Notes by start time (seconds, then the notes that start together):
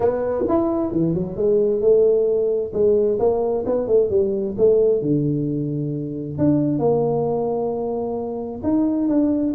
0.00 B3
0.48 E4
0.91 E3
1.14 F#3
1.36 G#3
1.81 A3
2.73 G#3
3.19 A#3
3.65 B3
3.87 A3
4.10 G3
4.57 A3
5.01 D3
6.37 D4
6.79 A#3
8.63 D#4
9.08 D4